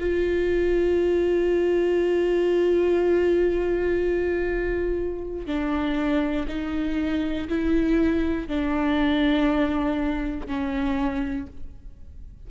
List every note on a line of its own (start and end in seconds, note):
0.00 5.47 F4
5.47 6.47 D4
6.48 7.48 D#4
7.49 8.48 E4
8.48 10.47 D4
10.47 11.47 C#4